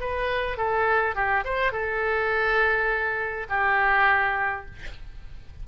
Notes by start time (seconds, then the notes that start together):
0.00 B4
0.57 A4
1.15 G4
1.45 C5
1.72 A4
3.49 G4